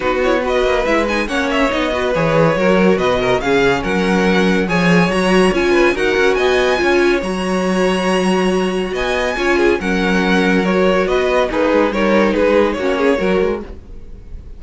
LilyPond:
<<
  \new Staff \with { instrumentName = "violin" } { \time 4/4 \tempo 4 = 141 b'8 cis''8 dis''4 e''8 gis''8 fis''8 e''8 | dis''4 cis''2 dis''4 | f''4 fis''2 gis''4 | ais''4 gis''4 fis''4 gis''4~ |
gis''4 ais''2.~ | ais''4 gis''2 fis''4~ | fis''4 cis''4 dis''4 b'4 | cis''4 b'4 cis''2 | }
  \new Staff \with { instrumentName = "violin" } { \time 4/4 fis'4 b'2 cis''4~ | cis''8 b'4. ais'4 b'8 ais'8 | gis'4 ais'2 cis''4~ | cis''4. b'8 ais'4 dis''4 |
cis''1~ | cis''4 dis''4 cis''8 gis'8 ais'4~ | ais'2 b'4 dis'4 | ais'4 gis'4 fis'8 gis'8 ais'4 | }
  \new Staff \with { instrumentName = "viola" } { \time 4/4 dis'8 e'8 fis'4 e'8 dis'8 cis'4 | dis'8 fis'8 gis'4 fis'2 | cis'2. gis'4 | fis'4 f'4 fis'2 |
f'4 fis'2.~ | fis'2 f'4 cis'4~ | cis'4 fis'2 gis'4 | dis'2 cis'4 fis'4 | }
  \new Staff \with { instrumentName = "cello" } { \time 4/4 b4. ais8 gis4 ais4 | b4 e4 fis4 b,4 | cis4 fis2 f4 | fis4 cis'4 dis'8 cis'8 b4 |
cis'4 fis2.~ | fis4 b4 cis'4 fis4~ | fis2 b4 ais8 gis8 | g4 gis4 ais4 fis8 gis8 | }
>>